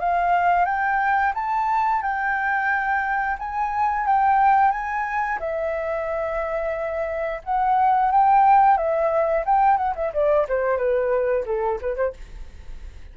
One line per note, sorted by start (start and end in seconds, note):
0.00 0.66 F5
0.66 1.33 G5
1.35 2.02 A5
2.03 3.37 G5
3.40 4.07 G#5
4.07 4.72 G5
4.72 5.39 G#5
5.40 7.42 E5
7.44 8.11 F#5
8.11 8.77 G5
8.77 9.45 E5
9.45 9.78 G5
9.78 9.94 F#5
9.96 10.13 E5
10.14 10.47 D5
10.49 10.77 C5
10.77 11.45 B4
11.46 11.79 A4
11.82 11.96 B4
11.96 12.13 C5